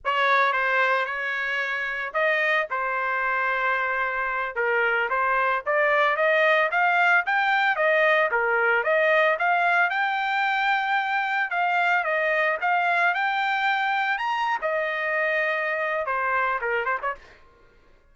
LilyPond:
\new Staff \with { instrumentName = "trumpet" } { \time 4/4 \tempo 4 = 112 cis''4 c''4 cis''2 | dis''4 c''2.~ | c''8 ais'4 c''4 d''4 dis''8~ | dis''8 f''4 g''4 dis''4 ais'8~ |
ais'8 dis''4 f''4 g''4.~ | g''4. f''4 dis''4 f''8~ | f''8 g''2 ais''8. dis''8.~ | dis''2 c''4 ais'8 c''16 cis''16 | }